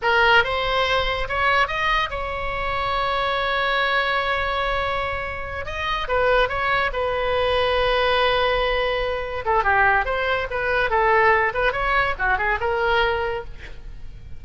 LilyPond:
\new Staff \with { instrumentName = "oboe" } { \time 4/4 \tempo 4 = 143 ais'4 c''2 cis''4 | dis''4 cis''2.~ | cis''1~ | cis''4. dis''4 b'4 cis''8~ |
cis''8 b'2.~ b'8~ | b'2~ b'8 a'8 g'4 | c''4 b'4 a'4. b'8 | cis''4 fis'8 gis'8 ais'2 | }